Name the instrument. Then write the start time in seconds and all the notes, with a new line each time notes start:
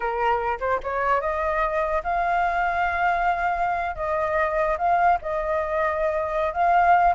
flute
0.00 A#4
0.60 C5
0.83 C#5
1.20 D#5
2.03 F5
3.95 D#5
4.78 F5
5.21 D#5
6.53 F5